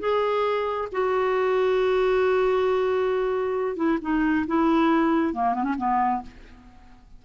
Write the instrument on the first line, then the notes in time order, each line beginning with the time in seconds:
clarinet
0.00 G#4
0.92 F#4
3.77 E4
4.02 D#4
4.47 E4
5.34 A#3
5.55 B3
5.64 C#4
5.78 B3